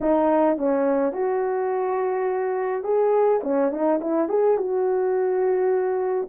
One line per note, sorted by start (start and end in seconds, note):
0.00 0.57 D#4
0.57 1.12 C#4
1.12 2.83 F#4
2.83 3.41 G#4
3.43 3.71 C#4
3.71 4.00 D#4
4.00 4.29 E4
4.29 4.57 G#4
4.57 6.29 F#4